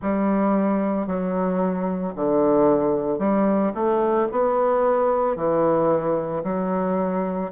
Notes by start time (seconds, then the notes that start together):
0.02 G3
1.07 F#3
2.15 D3
3.19 G3
3.74 A3
4.31 B3
5.36 E3
6.43 F#3